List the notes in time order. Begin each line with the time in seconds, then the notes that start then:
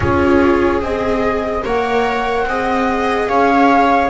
0.00 C#4 F4 G#4 C#5
0.81 C4 G#4 D#5
1.64 A#3 A#4 C#5 F#5
2.45 C4 G#4 D#5
3.28 C#4 C#5 F5